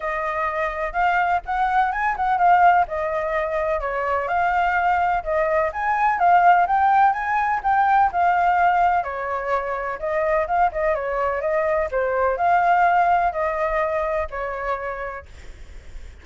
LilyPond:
\new Staff \with { instrumentName = "flute" } { \time 4/4 \tempo 4 = 126 dis''2 f''4 fis''4 | gis''8 fis''8 f''4 dis''2 | cis''4 f''2 dis''4 | gis''4 f''4 g''4 gis''4 |
g''4 f''2 cis''4~ | cis''4 dis''4 f''8 dis''8 cis''4 | dis''4 c''4 f''2 | dis''2 cis''2 | }